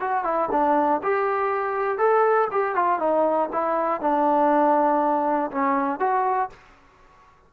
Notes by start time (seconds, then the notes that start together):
0.00 F#4
0.24 E4
0.51 D4
1.03 G4
1.98 A4
2.51 G4
2.75 F4
2.99 D#4
3.52 E4
4.01 D4
5.51 C#4
6.00 F#4